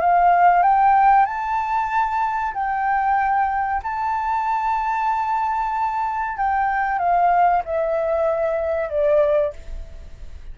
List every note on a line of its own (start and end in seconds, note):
0.00 0.62 F5
0.62 1.25 G5
1.25 2.53 A5
2.54 3.81 G5
3.83 6.37 A5
6.37 6.98 G5
6.98 7.62 F5
7.65 8.89 E5
8.89 9.53 D5